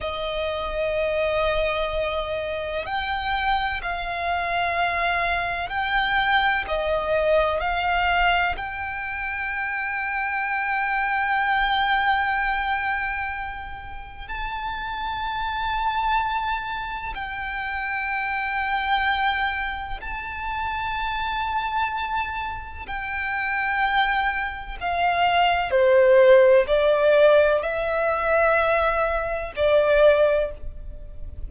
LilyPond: \new Staff \with { instrumentName = "violin" } { \time 4/4 \tempo 4 = 63 dis''2. g''4 | f''2 g''4 dis''4 | f''4 g''2.~ | g''2. a''4~ |
a''2 g''2~ | g''4 a''2. | g''2 f''4 c''4 | d''4 e''2 d''4 | }